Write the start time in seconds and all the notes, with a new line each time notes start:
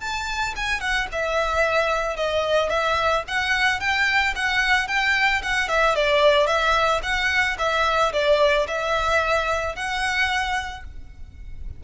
0.00 A5
0.56 G#5
0.80 F#5
1.12 E5
2.16 D#5
2.70 E5
3.27 F#5
3.80 G5
4.35 F#5
4.87 G5
5.42 F#5
5.68 E5
5.95 D5
6.46 E5
7.02 F#5
7.58 E5
8.13 D5
8.67 E5
9.75 F#5